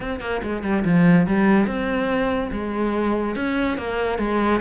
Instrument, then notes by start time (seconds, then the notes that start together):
cello
0.00 C4
0.20 A#3
0.42 G#3
0.63 G3
0.84 F3
1.26 G3
1.66 C4
2.52 G#3
3.35 C#4
3.77 A#3
4.18 G#3